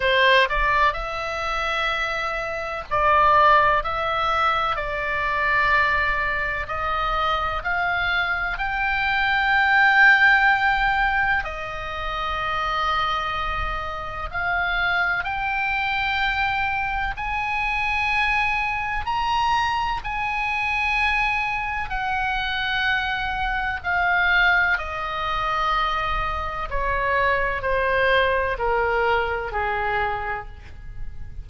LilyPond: \new Staff \with { instrumentName = "oboe" } { \time 4/4 \tempo 4 = 63 c''8 d''8 e''2 d''4 | e''4 d''2 dis''4 | f''4 g''2. | dis''2. f''4 |
g''2 gis''2 | ais''4 gis''2 fis''4~ | fis''4 f''4 dis''2 | cis''4 c''4 ais'4 gis'4 | }